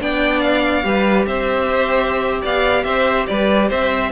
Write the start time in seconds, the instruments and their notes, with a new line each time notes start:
0.00 cello B3, viola D4, violin D5 G5
0.40 violin F5
0.83 cello G3, viola G4, violin B4
1.26 cello C4, violin C5 E5
2.41 cello B3, violin D5 F5
2.84 cello C4, violin C5 E5
3.27 cello G3, violin B4 D5
3.68 cello C4, violin C5 E5